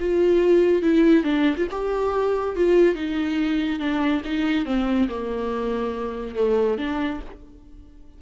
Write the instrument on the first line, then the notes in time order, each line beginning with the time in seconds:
viola
0.00 F4
0.82 E4
1.24 D4
1.57 F4
1.71 G4
2.56 F4
2.95 D#4
3.79 D4
4.25 D#4
4.66 C4
5.09 A#3
6.36 A3
6.78 D4